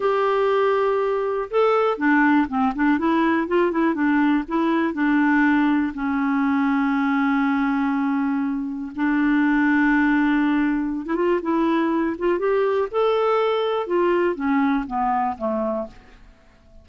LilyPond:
\new Staff \with { instrumentName = "clarinet" } { \time 4/4 \tempo 4 = 121 g'2. a'4 | d'4 c'8 d'8 e'4 f'8 e'8 | d'4 e'4 d'2 | cis'1~ |
cis'2 d'2~ | d'2~ d'16 e'16 f'8 e'4~ | e'8 f'8 g'4 a'2 | f'4 cis'4 b4 a4 | }